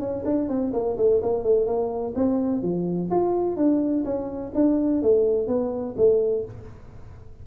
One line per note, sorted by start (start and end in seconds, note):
0.00 0.24 C#4
0.25 0.49 D4
0.49 0.73 C4
0.73 0.97 A#3
0.97 1.21 A3
1.23 1.44 A#3
1.44 1.66 A3
1.66 2.14 A#3
2.15 2.62 C4
2.62 3.10 F3
3.11 3.56 F4
3.56 4.04 D4
4.05 4.52 C#4
4.55 5.02 D4
5.02 5.48 A3
5.48 5.95 B3
5.97 6.45 A3